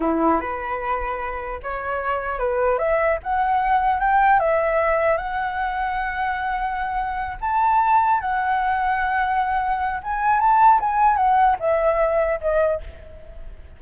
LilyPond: \new Staff \with { instrumentName = "flute" } { \time 4/4 \tempo 4 = 150 e'4 b'2. | cis''2 b'4 e''4 | fis''2 g''4 e''4~ | e''4 fis''2.~ |
fis''2~ fis''8 a''4.~ | a''8 fis''2.~ fis''8~ | fis''4 gis''4 a''4 gis''4 | fis''4 e''2 dis''4 | }